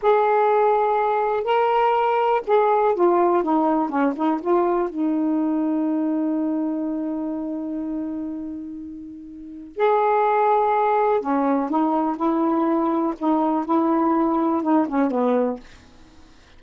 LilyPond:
\new Staff \with { instrumentName = "saxophone" } { \time 4/4 \tempo 4 = 123 gis'2. ais'4~ | ais'4 gis'4 f'4 dis'4 | cis'8 dis'8 f'4 dis'2~ | dis'1~ |
dis'1 | gis'2. cis'4 | dis'4 e'2 dis'4 | e'2 dis'8 cis'8 b4 | }